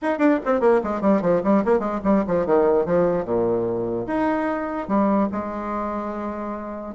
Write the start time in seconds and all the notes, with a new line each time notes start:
0.02 D#4
0.18 D4
0.45 C4
0.60 A#3
0.83 G#3
1.01 G3
1.21 F3
1.43 G3
1.64 A#3
1.79 G#3
2.04 G3
2.27 F3
2.46 D#3
2.85 F3
3.24 A#2
4.06 D#4
4.88 G3
5.32 G#3